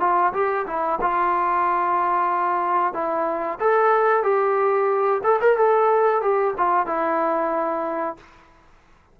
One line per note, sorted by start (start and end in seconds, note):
0.00 0.33 F4
0.33 0.66 G4
0.67 0.99 E4
1.01 2.93 F4
2.93 3.59 E4
3.60 4.23 A4
4.23 5.21 G4
5.24 5.40 A4
5.41 5.57 A#4
5.57 6.22 A4
6.22 6.54 G4
6.58 6.86 F4
6.86 8.17 E4